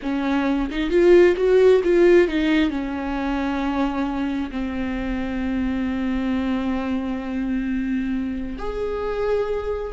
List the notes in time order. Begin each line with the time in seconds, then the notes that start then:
0.02 C#4
0.71 D#4
0.90 F4
1.36 F#4
1.84 F4
2.28 D#4
2.69 C#4
4.51 C4
8.58 G#4